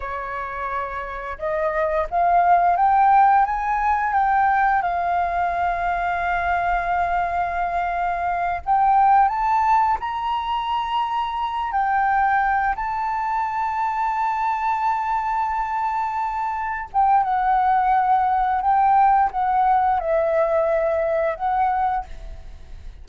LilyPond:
\new Staff \with { instrumentName = "flute" } { \time 4/4 \tempo 4 = 87 cis''2 dis''4 f''4 | g''4 gis''4 g''4 f''4~ | f''1~ | f''8 g''4 a''4 ais''4.~ |
ais''4 g''4. a''4.~ | a''1~ | a''8 g''8 fis''2 g''4 | fis''4 e''2 fis''4 | }